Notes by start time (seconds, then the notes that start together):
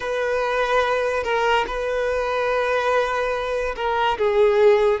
0.00 B4
1.23 A#4
1.67 B4
3.76 A#4
4.17 G#4